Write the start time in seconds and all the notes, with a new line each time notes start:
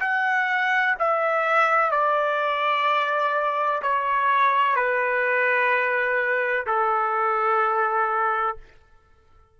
0.00 F#5
0.99 E5
1.91 D5
3.82 C#5
4.76 B4
6.67 A4